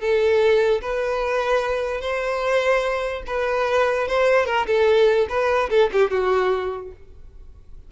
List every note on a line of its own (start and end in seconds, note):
0.00 0.81 A4
0.81 2.01 B4
2.01 3.23 C5
3.27 4.08 B4
4.08 4.46 C5
4.46 4.66 A#4
4.67 5.27 A4
5.29 5.69 B4
5.70 5.90 A4
5.92 6.11 G4
6.11 6.92 F#4